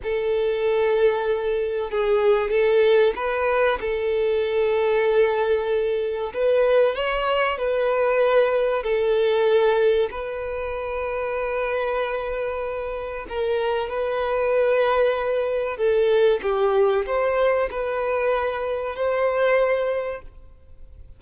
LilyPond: \new Staff \with { instrumentName = "violin" } { \time 4/4 \tempo 4 = 95 a'2. gis'4 | a'4 b'4 a'2~ | a'2 b'4 cis''4 | b'2 a'2 |
b'1~ | b'4 ais'4 b'2~ | b'4 a'4 g'4 c''4 | b'2 c''2 | }